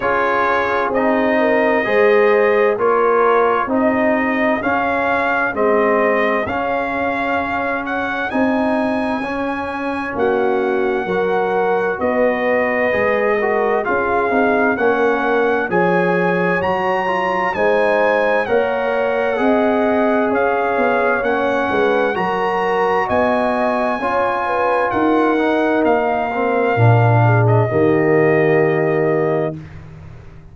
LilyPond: <<
  \new Staff \with { instrumentName = "trumpet" } { \time 4/4 \tempo 4 = 65 cis''4 dis''2 cis''4 | dis''4 f''4 dis''4 f''4~ | f''8 fis''8 gis''2 fis''4~ | fis''4 dis''2 f''4 |
fis''4 gis''4 ais''4 gis''4 | fis''2 f''4 fis''4 | ais''4 gis''2 fis''4 | f''4.~ f''16 dis''2~ dis''16 | }
  \new Staff \with { instrumentName = "horn" } { \time 4/4 gis'4. ais'8 c''4 ais'4 | gis'1~ | gis'2. fis'4 | ais'4 b'4. ais'8 gis'4 |
ais'4 cis''2 c''4 | cis''4 dis''4 cis''4. b'8 | ais'4 dis''4 cis''8 b'8 ais'4~ | ais'4. gis'8 g'2 | }
  \new Staff \with { instrumentName = "trombone" } { \time 4/4 f'4 dis'4 gis'4 f'4 | dis'4 cis'4 c'4 cis'4~ | cis'4 dis'4 cis'2 | fis'2 gis'8 fis'8 f'8 dis'8 |
cis'4 gis'4 fis'8 f'8 dis'4 | ais'4 gis'2 cis'4 | fis'2 f'4. dis'8~ | dis'8 c'8 d'4 ais2 | }
  \new Staff \with { instrumentName = "tuba" } { \time 4/4 cis'4 c'4 gis4 ais4 | c'4 cis'4 gis4 cis'4~ | cis'4 c'4 cis'4 ais4 | fis4 b4 gis4 cis'8 c'8 |
ais4 f4 fis4 gis4 | ais4 c'4 cis'8 b8 ais8 gis8 | fis4 b4 cis'4 dis'4 | ais4 ais,4 dis2 | }
>>